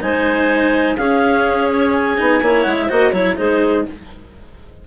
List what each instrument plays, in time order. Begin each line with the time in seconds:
0.00 bassoon G#3, cello D#4, clarinet C5 G#5
0.96 bassoon C#4, cello C#4, clarinet G#4 F5
1.70 clarinet C#5
1.92 clarinet G#5
2.17 bassoon B3, cello D#4
2.42 bassoon A#3, cello E4, clarinet C#5
2.62 bassoon G#3, clarinet F#5
2.79 clarinet E5
2.87 bassoon A#3, cello F#4, clarinet C5 D#5
3.11 bassoon F#3, cello E4, clarinet C#5
3.37 bassoon G#3, cello D#4, clarinet G#4 C5